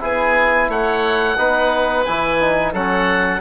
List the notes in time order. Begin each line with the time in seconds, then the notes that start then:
0.00 B3 E4 G#4 G#5
0.69 A3 C#5 F#5
1.38 B3 D#4 B4
2.05 E3 E4 G#5
2.41 D#4
2.72 F#3 C#4 A4 F#5